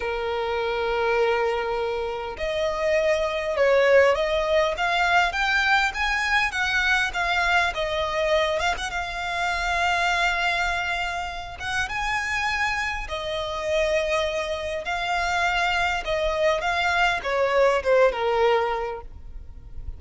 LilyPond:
\new Staff \with { instrumentName = "violin" } { \time 4/4 \tempo 4 = 101 ais'1 | dis''2 cis''4 dis''4 | f''4 g''4 gis''4 fis''4 | f''4 dis''4. f''16 fis''16 f''4~ |
f''2.~ f''8 fis''8 | gis''2 dis''2~ | dis''4 f''2 dis''4 | f''4 cis''4 c''8 ais'4. | }